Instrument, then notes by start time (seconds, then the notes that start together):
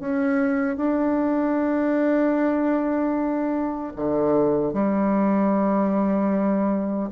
bassoon
0.00 C#4
0.77 D4
3.96 D3
4.74 G3